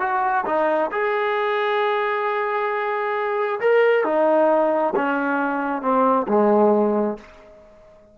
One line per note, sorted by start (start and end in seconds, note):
0.00 0.45 F#4
0.46 0.91 D#4
0.92 3.60 G#4
3.61 4.05 A#4
4.05 4.94 D#4
4.96 5.82 C#4
5.82 6.27 C4
6.28 7.18 G#3